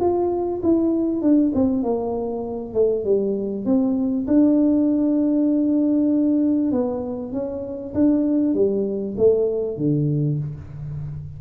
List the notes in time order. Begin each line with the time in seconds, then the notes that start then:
0.00 F4
0.63 E4
1.22 D4
1.54 C4
1.83 A#3
2.74 A3
3.04 G3
3.65 C4
4.27 D4
6.72 B3
7.32 C#4
7.94 D4
8.54 G3
9.17 A3
9.77 D3